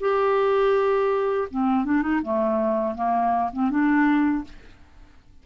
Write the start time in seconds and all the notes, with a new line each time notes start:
0.00 G4
1.51 C4
1.85 D4
2.02 D#4
2.22 A3
2.95 A#3
3.53 C4
3.70 D4